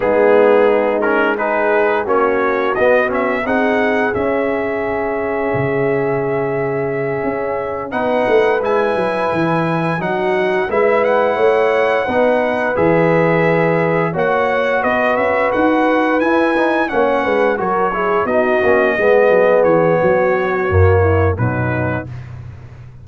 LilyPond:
<<
  \new Staff \with { instrumentName = "trumpet" } { \time 4/4 \tempo 4 = 87 gis'4. ais'8 b'4 cis''4 | dis''8 e''8 fis''4 e''2~ | e''2.~ e''8 fis''8~ | fis''8 gis''2 fis''4 e''8 |
fis''2~ fis''8 e''4.~ | e''8 fis''4 dis''8 e''8 fis''4 gis''8~ | gis''8 fis''4 cis''4 dis''4.~ | dis''8 cis''2~ cis''8 b'4 | }
  \new Staff \with { instrumentName = "horn" } { \time 4/4 dis'2 gis'4 fis'4~ | fis'4 gis'2.~ | gis'2.~ gis'8 b'8~ | b'2~ b'8 fis'4 b'8~ |
b'8 cis''4 b'2~ b'8~ | b'8 cis''4 b'2~ b'8~ | b'8 cis''8 b'8 ais'8 gis'8 fis'4 gis'8~ | gis'4 fis'4. e'8 dis'4 | }
  \new Staff \with { instrumentName = "trombone" } { \time 4/4 b4. cis'8 dis'4 cis'4 | b8 cis'8 dis'4 cis'2~ | cis'2.~ cis'8 dis'8~ | dis'8 e'2 dis'4 e'8~ |
e'4. dis'4 gis'4.~ | gis'8 fis'2. e'8 | dis'8 cis'4 fis'8 e'8 dis'8 cis'8 b8~ | b2 ais4 fis4 | }
  \new Staff \with { instrumentName = "tuba" } { \time 4/4 gis2. ais4 | b4 c'4 cis'2 | cis2~ cis8 cis'4 b8 | a8 gis8 fis8 e4 fis4 gis8~ |
gis8 a4 b4 e4.~ | e8 ais4 b8 cis'8 dis'4 e'8~ | e'8 ais8 gis8 fis4 b8 ais8 gis8 | fis8 e8 fis4 fis,4 b,4 | }
>>